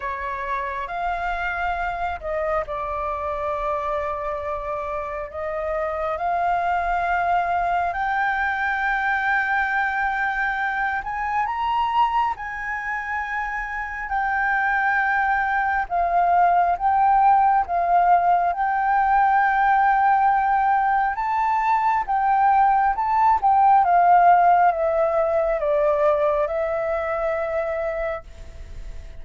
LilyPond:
\new Staff \with { instrumentName = "flute" } { \time 4/4 \tempo 4 = 68 cis''4 f''4. dis''8 d''4~ | d''2 dis''4 f''4~ | f''4 g''2.~ | g''8 gis''8 ais''4 gis''2 |
g''2 f''4 g''4 | f''4 g''2. | a''4 g''4 a''8 g''8 f''4 | e''4 d''4 e''2 | }